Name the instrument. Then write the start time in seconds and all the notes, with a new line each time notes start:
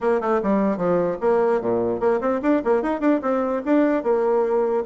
bassoon
0.01 A#3
0.20 A3
0.42 G3
0.77 F3
1.20 A#3
1.61 A#2
2.00 A#3
2.20 C4
2.42 D4
2.64 A#3
2.82 D#4
3.00 D4
3.22 C4
3.65 D4
4.03 A#3